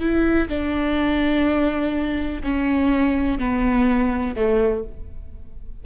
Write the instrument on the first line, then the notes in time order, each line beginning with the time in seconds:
viola
0.00 E4
0.49 D4
2.43 C#4
3.38 B3
4.35 A3